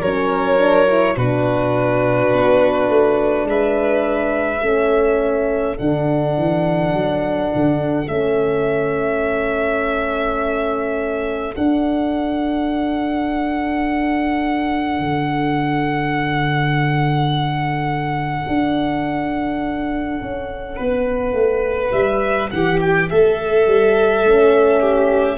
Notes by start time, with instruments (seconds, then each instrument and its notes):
0.00 tuba F#3, horn C#4, violin A#4 C#5
0.59 horn D4
0.88 horn E4
1.17 tuba B2, horn D4, violin F#4 B4
2.33 tuba B3
2.89 tuba A3
3.45 tuba G#3, violin B4 E5
4.62 tuba A3, horn C#4, violin A4
5.77 tuba D3, horn D4, violin F#5
6.37 tuba E3
6.94 tuba F#3
7.56 tuba D3
8.08 tuba A3, horn C#4, violin E5
11.56 horn D4, tuba D4, violin F#5
15.00 tuba D3
18.49 tuba D4
20.22 tuba C#4
20.76 tuba B3, violin B4
21.33 tuba A3
21.92 tuba G3, violin E5
22.51 tuba E3, violin G4 F#5
22.81 violin G5
23.10 tuba A3, violin A4 E5
23.67 tuba G3
24.24 tuba A3, horn C#4
24.81 violin G4